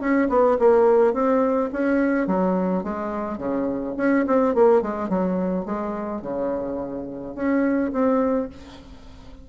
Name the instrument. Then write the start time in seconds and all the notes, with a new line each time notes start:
bassoon
0.00 C#4
0.29 B3
0.59 A#3
1.13 C4
1.72 C#4
2.27 F#3
2.83 G#3
3.38 C#3
3.97 C#4
4.27 C4
4.55 A#3
4.82 G#3
5.09 F#3
5.66 G#3
6.22 C#3
7.35 C#4
7.92 C4